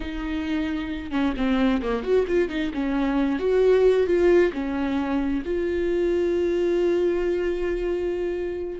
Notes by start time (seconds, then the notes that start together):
0.00 D#4
1.11 C#4
1.36 C4
1.81 A#3
2.03 F#4
2.27 F4
2.49 D#4
2.73 C#4
3.39 F#4
4.06 F4
4.52 C#4
5.45 F4